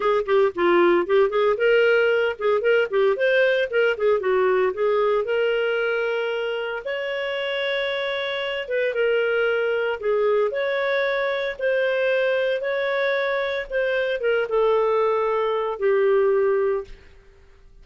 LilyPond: \new Staff \with { instrumentName = "clarinet" } { \time 4/4 \tempo 4 = 114 gis'8 g'8 f'4 g'8 gis'8 ais'4~ | ais'8 gis'8 ais'8 g'8 c''4 ais'8 gis'8 | fis'4 gis'4 ais'2~ | ais'4 cis''2.~ |
cis''8 b'8 ais'2 gis'4 | cis''2 c''2 | cis''2 c''4 ais'8 a'8~ | a'2 g'2 | }